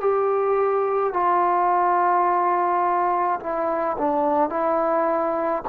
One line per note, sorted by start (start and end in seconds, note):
0.00 1.13 G4
1.13 3.40 F4
3.40 3.96 E4
3.98 4.50 D4
4.50 5.63 E4